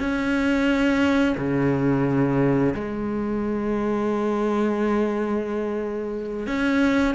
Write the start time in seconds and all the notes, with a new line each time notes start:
0.00 C#4
1.38 C#3
2.75 G#3
6.47 C#4